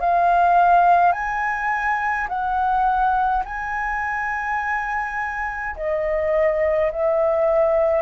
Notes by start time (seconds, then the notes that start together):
0.00 F5
1.12 G#5
2.28 F#5
3.45 G#5
5.76 D#5
6.91 E5